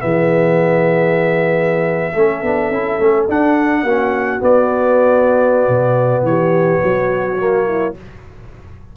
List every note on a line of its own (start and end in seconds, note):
0.00 2.15 E3
0.00 2.12 B3
0.00 2.15 G#4
0.00 3.27 E5
2.15 2.43 A3
2.15 2.44 C#4
2.15 3.83 A4
2.43 2.71 B3
2.43 2.72 D4
2.71 2.99 C#4
2.71 3.00 E4
3.00 3.28 A3
3.00 3.29 C#4
3.29 3.84 D4
3.29 3.87 D4
3.29 4.44 F#5
3.83 4.40 A#3
3.83 4.40 C#4
3.83 6.23 F#4
4.40 7.38 B3
4.40 5.69 B3
4.40 6.26 D5
5.69 6.23 B2
6.23 6.80 E3
6.23 6.83 G4
6.23 7.96 C#5
6.83 7.97 F#3
6.83 7.67 F#4
7.38 7.95 A#3
7.67 7.95 E4